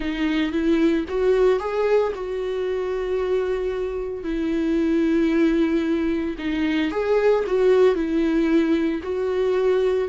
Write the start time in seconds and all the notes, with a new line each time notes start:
0.00 D#4
0.52 E4
1.08 F#4
1.59 G#4
2.15 F#4
4.23 E4
6.38 D#4
6.91 G#4
7.46 F#4
7.95 E4
9.03 F#4